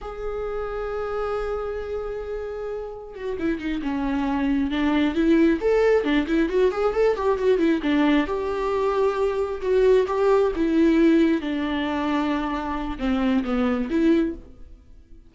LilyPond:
\new Staff \with { instrumentName = "viola" } { \time 4/4 \tempo 4 = 134 gis'1~ | gis'2. fis'8 e'8 | dis'8 cis'2 d'4 e'8~ | e'8 a'4 d'8 e'8 fis'8 gis'8 a'8 |
g'8 fis'8 e'8 d'4 g'4.~ | g'4. fis'4 g'4 e'8~ | e'4. d'2~ d'8~ | d'4 c'4 b4 e'4 | }